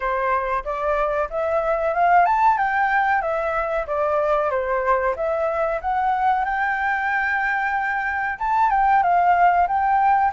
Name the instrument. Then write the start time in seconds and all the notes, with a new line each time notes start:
flute
0.00 C5
0.64 D5
1.29 E5
1.94 F5
2.25 A5
2.57 G5
3.21 E5
3.87 D5
4.50 C5
5.16 E5
5.81 F#5
6.45 G5
8.38 A5
8.70 G5
9.02 F5
9.67 G5